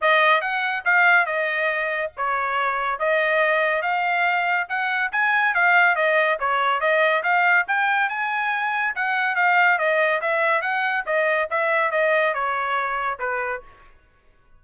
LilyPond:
\new Staff \with { instrumentName = "trumpet" } { \time 4/4 \tempo 4 = 141 dis''4 fis''4 f''4 dis''4~ | dis''4 cis''2 dis''4~ | dis''4 f''2 fis''4 | gis''4 f''4 dis''4 cis''4 |
dis''4 f''4 g''4 gis''4~ | gis''4 fis''4 f''4 dis''4 | e''4 fis''4 dis''4 e''4 | dis''4 cis''2 b'4 | }